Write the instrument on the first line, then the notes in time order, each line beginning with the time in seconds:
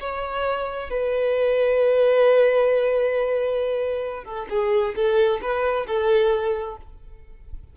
violin
0.00 C#5
0.90 B4
4.24 A4
4.49 G#4
4.95 A4
5.41 B4
5.87 A4